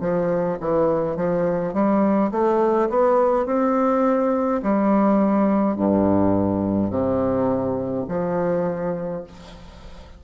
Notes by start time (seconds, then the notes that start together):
0.00 F3
0.60 E3
1.16 F3
1.74 G3
2.31 A3
2.89 B3
3.46 C4
4.62 G3
5.75 G2
6.90 C3
8.08 F3